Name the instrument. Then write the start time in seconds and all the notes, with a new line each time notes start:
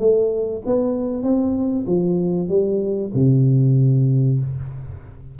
tuba
0.00 A3
0.66 B3
1.23 C4
1.87 F3
2.49 G3
3.15 C3